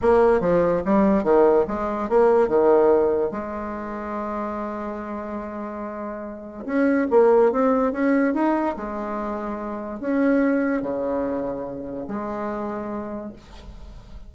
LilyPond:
\new Staff \with { instrumentName = "bassoon" } { \time 4/4 \tempo 4 = 144 ais4 f4 g4 dis4 | gis4 ais4 dis2 | gis1~ | gis1 |
cis'4 ais4 c'4 cis'4 | dis'4 gis2. | cis'2 cis2~ | cis4 gis2. | }